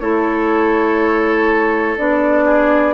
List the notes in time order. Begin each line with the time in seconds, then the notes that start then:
0.00 A3 E4 A4 C#5
1.98 B3 D4 D5
2.45 G#4